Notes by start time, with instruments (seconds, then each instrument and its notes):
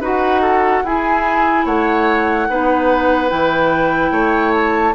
0.00 bassoon D#4, clarinet F#4, oboe B4, flute F#5
0.41 oboe A4
0.84 bassoon E4, clarinet E4, oboe G#4, flute G#5
1.65 bassoon A3, oboe C#5, flute F#5
2.49 bassoon B3, clarinet D#4, oboe B4
3.29 bassoon E3, clarinet E4, flute G5
4.11 bassoon A3, oboe C#5
4.53 flute A5